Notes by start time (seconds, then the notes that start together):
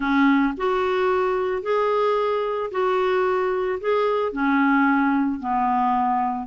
0.00 C#4
0.57 F#4
1.62 G#4
2.71 F#4
3.80 G#4
4.32 C#4
5.40 B3